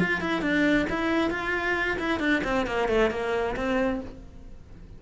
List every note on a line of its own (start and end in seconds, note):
0.00 0.21 F4
0.21 0.42 E4
0.42 0.87 D4
0.90 1.31 E4
1.31 1.98 F4
1.99 2.20 E4
2.20 2.42 D4
2.44 2.67 C4
2.67 2.89 A#3
2.89 3.11 A3
3.11 3.56 A#3
3.57 4.01 C4